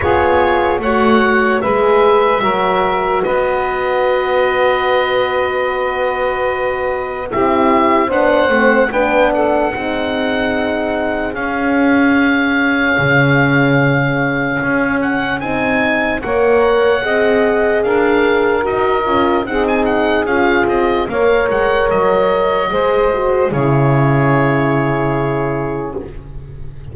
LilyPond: <<
  \new Staff \with { instrumentName = "oboe" } { \time 4/4 \tempo 4 = 74 cis''4 fis''4 e''2 | dis''1~ | dis''4 e''4 fis''4 g''8 fis''8~ | fis''2 f''2~ |
f''2~ f''8 fis''8 gis''4 | fis''2 f''4 dis''4 | fis''16 gis''16 fis''8 f''8 dis''8 f''8 fis''8 dis''4~ | dis''4 cis''2. | }
  \new Staff \with { instrumentName = "saxophone" } { \time 4/4 gis'4 cis''4 b'4 ais'4 | b'1~ | b'4 g'4 c''4 b'8 a'8 | gis'1~ |
gis'1 | cis''4 dis''4 ais'2 | gis'2 cis''2 | c''4 gis'2. | }
  \new Staff \with { instrumentName = "horn" } { \time 4/4 f'4 fis'4 gis'4 fis'4~ | fis'1~ | fis'4 e'4 d'8 c'8 d'4 | dis'2 cis'2~ |
cis'2. dis'4 | ais'4 gis'2 fis'8 f'8 | dis'4 f'4 ais'2 | gis'8 fis'8 e'2. | }
  \new Staff \with { instrumentName = "double bass" } { \time 4/4 b4 a4 gis4 fis4 | b1~ | b4 c'4 b8 a8 b4 | c'2 cis'2 |
cis2 cis'4 c'4 | ais4 c'4 d'4 dis'8 cis'8 | c'4 cis'8 c'8 ais8 gis8 fis4 | gis4 cis2. | }
>>